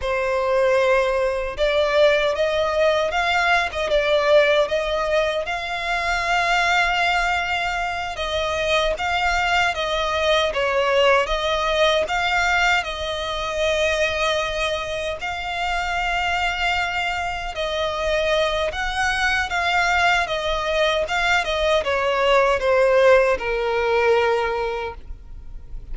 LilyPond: \new Staff \with { instrumentName = "violin" } { \time 4/4 \tempo 4 = 77 c''2 d''4 dis''4 | f''8. dis''16 d''4 dis''4 f''4~ | f''2~ f''8 dis''4 f''8~ | f''8 dis''4 cis''4 dis''4 f''8~ |
f''8 dis''2. f''8~ | f''2~ f''8 dis''4. | fis''4 f''4 dis''4 f''8 dis''8 | cis''4 c''4 ais'2 | }